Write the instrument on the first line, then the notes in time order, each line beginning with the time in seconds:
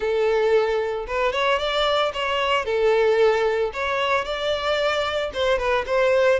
violin
0.00 A4
1.07 B4
1.32 C#5
1.58 D5
2.13 C#5
2.65 A4
3.73 C#5
4.24 D5
5.33 C5
5.58 B4
5.86 C5